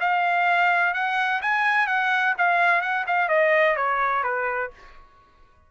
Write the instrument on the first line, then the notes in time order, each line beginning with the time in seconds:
trumpet
0.00 F5
0.94 F#5
1.42 G#5
1.87 F#5
2.38 F5
2.81 F#5
3.07 F5
3.29 D#5
3.76 C#5
4.23 B4